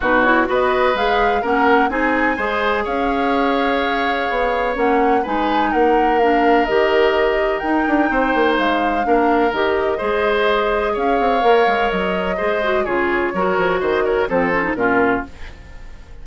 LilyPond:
<<
  \new Staff \with { instrumentName = "flute" } { \time 4/4 \tempo 4 = 126 b'8 cis''8 dis''4 f''4 fis''4 | gis''2 f''2~ | f''2 fis''4 gis''4 | fis''4 f''4 dis''2 |
g''2 f''2 | dis''2. f''4~ | f''4 dis''2 cis''4~ | cis''4 dis''8 cis''8 c''4 ais'4 | }
  \new Staff \with { instrumentName = "oboe" } { \time 4/4 fis'4 b'2 ais'4 | gis'4 c''4 cis''2~ | cis''2. b'4 | ais'1~ |
ais'4 c''2 ais'4~ | ais'4 c''2 cis''4~ | cis''2 c''4 gis'4 | ais'4 c''8 ais'8 a'4 f'4 | }
  \new Staff \with { instrumentName = "clarinet" } { \time 4/4 dis'8 e'8 fis'4 gis'4 cis'4 | dis'4 gis'2.~ | gis'2 cis'4 dis'4~ | dis'4 d'4 g'2 |
dis'2. d'4 | g'4 gis'2. | ais'2 gis'8 fis'8 f'4 | fis'2 c'8 cis'16 dis'16 cis'4 | }
  \new Staff \with { instrumentName = "bassoon" } { \time 4/4 b,4 b4 gis4 ais4 | c'4 gis4 cis'2~ | cis'4 b4 ais4 gis4 | ais2 dis2 |
dis'8 d'8 c'8 ais8 gis4 ais4 | dis4 gis2 cis'8 c'8 | ais8 gis8 fis4 gis4 cis4 | fis8 f8 dis4 f4 ais,4 | }
>>